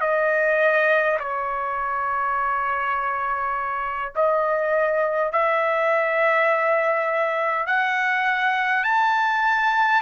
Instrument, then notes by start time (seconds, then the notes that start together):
trumpet
0.00 D#5
1.19 C#5
4.15 D#5
5.32 E5
7.66 F#5
8.83 A5